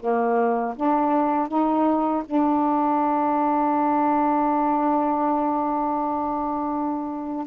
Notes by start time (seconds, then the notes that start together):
0.00 A#3
0.76 D4
1.49 D#4
2.26 D4